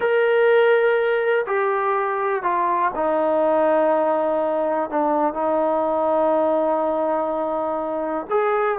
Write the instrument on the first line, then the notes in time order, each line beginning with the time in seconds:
trombone
0.00 A#4
1.46 G4
2.43 F4
2.95 D#4
4.89 D4
5.33 D#4
8.29 G#4